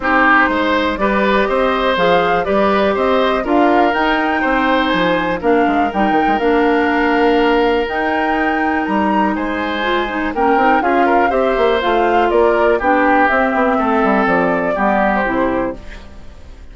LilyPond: <<
  \new Staff \with { instrumentName = "flute" } { \time 4/4 \tempo 4 = 122 c''2 d''4 dis''4 | f''4 d''4 dis''4 f''4 | g''2 gis''4 f''4 | g''4 f''2. |
g''2 ais''4 gis''4~ | gis''4 g''4 f''4 e''4 | f''4 d''4 g''4 e''4~ | e''4 d''4.~ d''16 c''4~ c''16 | }
  \new Staff \with { instrumentName = "oboe" } { \time 4/4 g'4 c''4 b'4 c''4~ | c''4 b'4 c''4 ais'4~ | ais'4 c''2 ais'4~ | ais'1~ |
ais'2. c''4~ | c''4 ais'4 gis'8 ais'8 c''4~ | c''4 ais'4 g'2 | a'2 g'2 | }
  \new Staff \with { instrumentName = "clarinet" } { \time 4/4 dis'2 g'2 | gis'4 g'2 f'4 | dis'2. d'4 | dis'4 d'2. |
dis'1 | f'8 dis'8 cis'8 dis'8 f'4 g'4 | f'2 d'4 c'4~ | c'2 b4 e'4 | }
  \new Staff \with { instrumentName = "bassoon" } { \time 4/4 c'4 gis4 g4 c'4 | f4 g4 c'4 d'4 | dis'4 c'4 f4 ais8 gis8 | g8 dis16 gis16 ais2. |
dis'2 g4 gis4~ | gis4 ais8 c'8 cis'4 c'8 ais8 | a4 ais4 b4 c'8 b8 | a8 g8 f4 g4 c4 | }
>>